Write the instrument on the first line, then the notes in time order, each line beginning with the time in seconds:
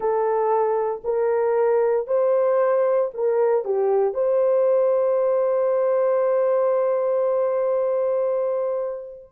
horn
0.00 A4
1.03 A#4
2.07 C5
3.13 A#4
3.64 G4
4.14 C5